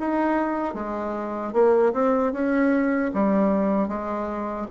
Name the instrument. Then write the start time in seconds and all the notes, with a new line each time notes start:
bassoon
0.00 D#4
0.75 G#3
1.54 A#3
1.93 C4
2.33 C#4
3.14 G3
3.89 G#3